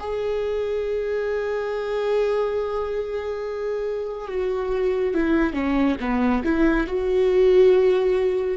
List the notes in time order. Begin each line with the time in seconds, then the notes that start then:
0.00 G#4
4.29 F#4
5.15 E4
5.54 C#4
6.00 B3
6.44 E4
6.87 F#4